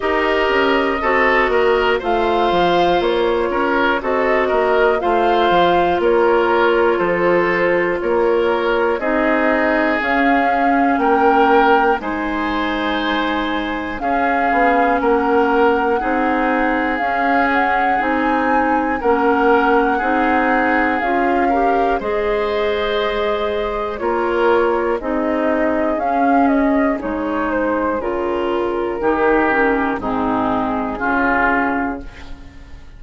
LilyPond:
<<
  \new Staff \with { instrumentName = "flute" } { \time 4/4 \tempo 4 = 60 dis''2 f''4 cis''4 | dis''4 f''4 cis''4 c''4 | cis''4 dis''4 f''4 g''4 | gis''2 f''4 fis''4~ |
fis''4 f''8 fis''8 gis''4 fis''4~ | fis''4 f''4 dis''2 | cis''4 dis''4 f''8 dis''8 cis''8 c''8 | ais'2 gis'2 | }
  \new Staff \with { instrumentName = "oboe" } { \time 4/4 ais'4 a'8 ais'8 c''4. ais'8 | a'8 ais'8 c''4 ais'4 a'4 | ais'4 gis'2 ais'4 | c''2 gis'4 ais'4 |
gis'2. ais'4 | gis'4. ais'8 c''2 | ais'4 gis'2.~ | gis'4 g'4 dis'4 f'4 | }
  \new Staff \with { instrumentName = "clarinet" } { \time 4/4 g'4 fis'4 f'2 | fis'4 f'2.~ | f'4 dis'4 cis'2 | dis'2 cis'2 |
dis'4 cis'4 dis'4 cis'4 | dis'4 f'8 g'8 gis'2 | f'4 dis'4 cis'4 dis'4 | f'4 dis'8 cis'8 c'4 cis'4 | }
  \new Staff \with { instrumentName = "bassoon" } { \time 4/4 dis'8 cis'8 c'8 ais8 a8 f8 ais8 cis'8 | c'8 ais8 a8 f8 ais4 f4 | ais4 c'4 cis'4 ais4 | gis2 cis'8 b8 ais4 |
c'4 cis'4 c'4 ais4 | c'4 cis'4 gis2 | ais4 c'4 cis'4 gis4 | cis4 dis4 gis,4 cis4 | }
>>